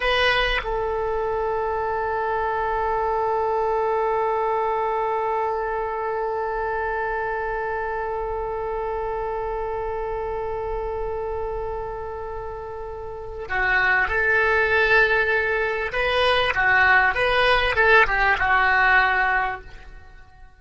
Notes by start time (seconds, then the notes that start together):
0.00 B4
0.63 A4
13.48 F#4
14.08 A4
15.92 B4
16.54 F#4
17.14 B4
17.75 A4
18.06 G4
18.38 F#4